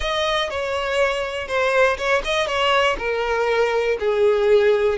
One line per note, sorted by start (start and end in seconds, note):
0.00 0.50 D#5
0.50 1.47 C#5
1.47 1.97 C5
1.97 2.22 C#5
2.24 2.46 D#5
2.46 2.96 C#5
2.98 3.97 A#4
3.99 4.97 G#4